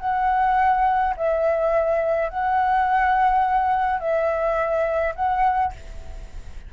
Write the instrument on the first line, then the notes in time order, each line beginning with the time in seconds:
flute
0.00 F#5
1.17 E5
2.30 F#5
4.00 E5
5.16 F#5